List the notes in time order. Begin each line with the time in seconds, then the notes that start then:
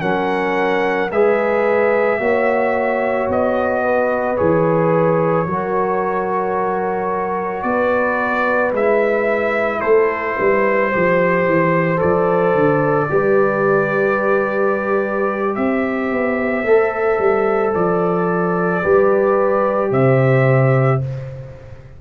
0.00 F#3 C#4 A#4 F#5
1.10 G#3 G#4 B4 E5
2.19 A#3 F#4 C#5
3.28 B3 D#5
3.83 B4
4.37 E3 G#4 C#5
5.46 F#3 F#4 A#4
7.62 B3 B4 D5
8.72 G#3 E4 E5
9.80 A3 A4 C5
10.36 G3 B4
10.89 G4 C5
10.95 F3
11.46 E3
11.97 A4 D5
12.03 F3
12.55 D3
13.09 G3 G4 B4
15.55 C4 C5 E5
16.12 B3
16.63 A3 A4
17.18 G3
17.74 F3 D5
18.81 G3 G4 B4
19.90 C3 C5 E5